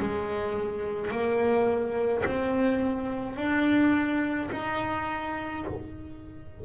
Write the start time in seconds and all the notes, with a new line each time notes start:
0.00 G#3
1.11 A#3
2.26 C4
3.37 D4
4.52 D#4